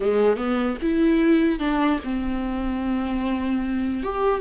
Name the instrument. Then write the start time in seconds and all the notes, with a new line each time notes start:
viola
0.00 G#3
0.36 B3
0.81 E4
1.59 D4
2.04 C4
4.03 G4